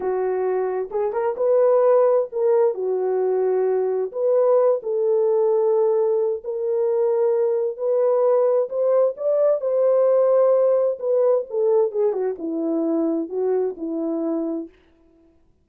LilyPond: \new Staff \with { instrumentName = "horn" } { \time 4/4 \tempo 4 = 131 fis'2 gis'8 ais'8 b'4~ | b'4 ais'4 fis'2~ | fis'4 b'4. a'4.~ | a'2 ais'2~ |
ais'4 b'2 c''4 | d''4 c''2. | b'4 a'4 gis'8 fis'8 e'4~ | e'4 fis'4 e'2 | }